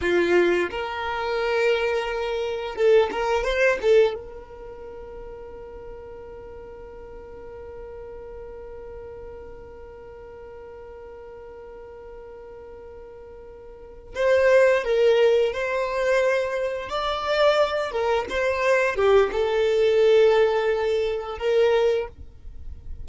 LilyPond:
\new Staff \with { instrumentName = "violin" } { \time 4/4 \tempo 4 = 87 f'4 ais'2. | a'8 ais'8 c''8 a'8 ais'2~ | ais'1~ | ais'1~ |
ais'1~ | ais'8 c''4 ais'4 c''4.~ | c''8 d''4. ais'8 c''4 g'8 | a'2. ais'4 | }